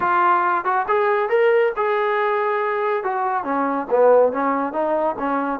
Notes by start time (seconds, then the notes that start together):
0.00 F4
0.64 F#4
0.88 G#4
1.29 A#4
1.76 G#4
3.03 F#4
3.43 C#4
3.90 B3
4.32 C#4
4.72 D#4
5.18 C#4